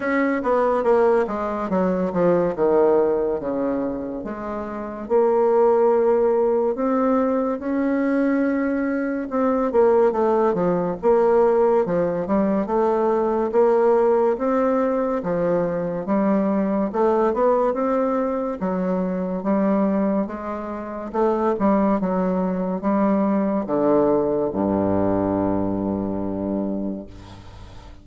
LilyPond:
\new Staff \with { instrumentName = "bassoon" } { \time 4/4 \tempo 4 = 71 cis'8 b8 ais8 gis8 fis8 f8 dis4 | cis4 gis4 ais2 | c'4 cis'2 c'8 ais8 | a8 f8 ais4 f8 g8 a4 |
ais4 c'4 f4 g4 | a8 b8 c'4 fis4 g4 | gis4 a8 g8 fis4 g4 | d4 g,2. | }